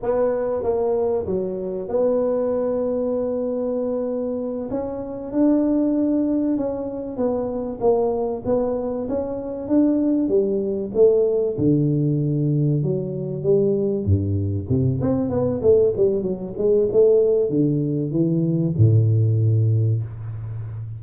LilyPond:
\new Staff \with { instrumentName = "tuba" } { \time 4/4 \tempo 4 = 96 b4 ais4 fis4 b4~ | b2.~ b8 cis'8~ | cis'8 d'2 cis'4 b8~ | b8 ais4 b4 cis'4 d'8~ |
d'8 g4 a4 d4.~ | d8 fis4 g4 g,4 c8 | c'8 b8 a8 g8 fis8 gis8 a4 | d4 e4 a,2 | }